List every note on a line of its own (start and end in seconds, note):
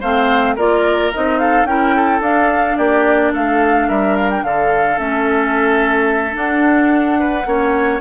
0.00 0.57 A3
0.00 0.57 C4
0.00 0.55 C5
0.00 0.57 F5
0.56 1.12 A#3
0.56 1.12 F4
0.56 1.38 A#4
0.56 1.12 D5
1.13 1.64 C4
1.13 1.66 D#4
1.13 1.39 D#5
1.39 1.67 A4
1.39 1.66 F5
1.64 2.19 C#4
1.64 2.21 E4
1.64 1.96 A#4
1.64 2.21 G5
1.96 2.77 A4
2.20 2.75 D4
2.20 4.97 D4
2.20 2.77 F5
2.77 3.33 A#3
2.77 3.32 G4
2.77 3.32 D5
3.32 3.88 A3
3.32 3.87 A4
3.32 3.89 F5
3.88 4.43 G3
3.88 4.43 A#4
3.88 4.16 E5
4.16 4.30 F5
4.30 4.44 G5
4.43 4.98 D3
4.43 7.19 A4
4.43 4.98 F5
4.97 6.35 A3
4.97 6.32 C#4
4.97 6.36 E5
6.32 7.43 D4
6.32 7.45 D4
6.32 8.01 F#5
7.19 7.47 B4
7.45 8.00 A#3
7.45 8.01 C#4
7.45 8.01 C#5